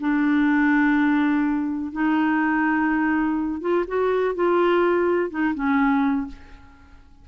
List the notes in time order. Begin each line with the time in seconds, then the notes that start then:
0.00 D4
1.92 D#4
3.61 F4
3.87 F#4
4.35 F4
5.30 D#4
5.55 C#4